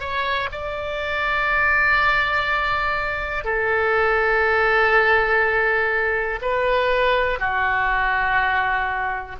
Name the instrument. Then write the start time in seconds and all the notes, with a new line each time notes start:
oboe
0.00 C#5
0.51 D5
3.44 A4
6.42 B4
7.39 F#4